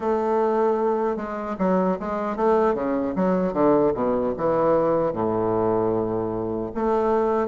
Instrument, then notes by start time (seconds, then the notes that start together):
bassoon
0.00 A3
1.16 G#3
1.58 F#3
1.99 G#3
2.36 A3
2.74 C#3
3.15 F#3
3.53 D3
3.94 B2
4.37 E3
5.12 A2
6.74 A3